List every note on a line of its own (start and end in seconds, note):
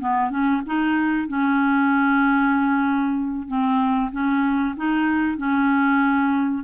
0.00 0.31 B3
0.31 0.62 C#4
0.66 1.28 D#4
1.28 3.48 C#4
3.48 4.11 C4
4.12 4.75 C#4
4.77 5.38 D#4
5.38 6.64 C#4